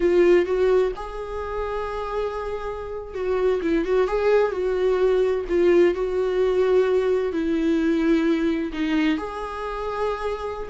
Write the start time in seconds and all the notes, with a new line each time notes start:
0.00 F4
0.45 F#4
0.96 G#4
3.14 F#4
3.62 E4
3.85 F#4
4.07 G#4
4.51 F#4
5.48 F4
5.94 F#4
7.32 E4
8.72 D#4
9.17 G#4